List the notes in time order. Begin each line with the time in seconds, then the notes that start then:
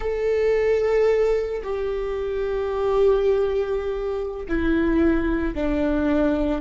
0.00 A4
1.63 G4
4.48 E4
5.54 D4